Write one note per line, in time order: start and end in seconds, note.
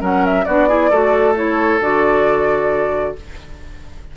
0.00 0.46 F#3
0.00 0.45 C#4
0.00 0.45 A#4
0.00 0.25 F#5
0.25 0.45 E5
0.45 0.91 B3
0.45 0.68 D4
0.45 0.68 F#4
0.45 1.35 D5
0.68 0.91 E4
0.68 0.90 G#4
0.90 1.81 A3
0.90 1.35 F#4
0.90 3.14 A4
1.35 1.80 E4
1.35 1.81 C#5
1.81 3.15 D3
1.81 3.16 F#4
1.81 3.17 D5